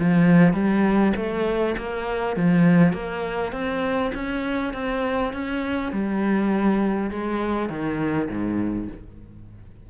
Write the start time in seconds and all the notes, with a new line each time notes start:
0.00 F3
0.54 G3
1.17 A3
1.78 A#3
2.37 F3
2.94 A#3
3.53 C4
4.15 C#4
4.74 C4
5.34 C#4
5.93 G3
7.11 G#3
7.70 D#3
8.30 G#2